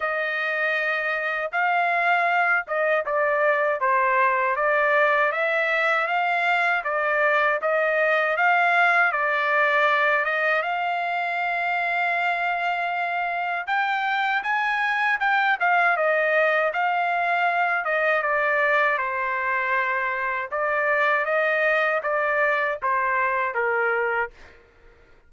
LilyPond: \new Staff \with { instrumentName = "trumpet" } { \time 4/4 \tempo 4 = 79 dis''2 f''4. dis''8 | d''4 c''4 d''4 e''4 | f''4 d''4 dis''4 f''4 | d''4. dis''8 f''2~ |
f''2 g''4 gis''4 | g''8 f''8 dis''4 f''4. dis''8 | d''4 c''2 d''4 | dis''4 d''4 c''4 ais'4 | }